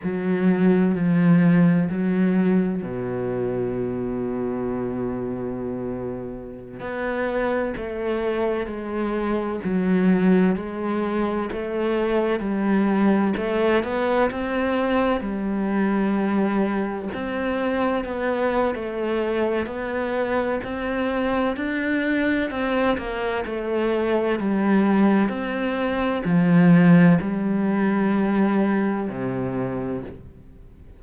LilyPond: \new Staff \with { instrumentName = "cello" } { \time 4/4 \tempo 4 = 64 fis4 f4 fis4 b,4~ | b,2.~ b,16 b8.~ | b16 a4 gis4 fis4 gis8.~ | gis16 a4 g4 a8 b8 c'8.~ |
c'16 g2 c'4 b8. | a4 b4 c'4 d'4 | c'8 ais8 a4 g4 c'4 | f4 g2 c4 | }